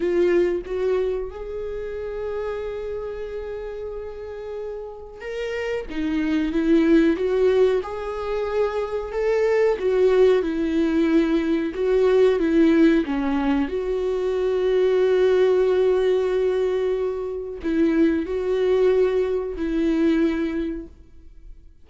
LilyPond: \new Staff \with { instrumentName = "viola" } { \time 4/4 \tempo 4 = 92 f'4 fis'4 gis'2~ | gis'1 | ais'4 dis'4 e'4 fis'4 | gis'2 a'4 fis'4 |
e'2 fis'4 e'4 | cis'4 fis'2.~ | fis'2. e'4 | fis'2 e'2 | }